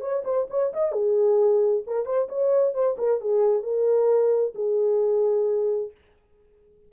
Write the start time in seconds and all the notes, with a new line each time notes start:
0.00 C#5
0.24 C5
0.50 C#5
0.73 D#5
0.92 G#4
1.87 A#4
2.05 C5
2.29 C#5
2.74 C5
2.98 A#4
3.21 G#4
3.63 A#4
4.55 G#4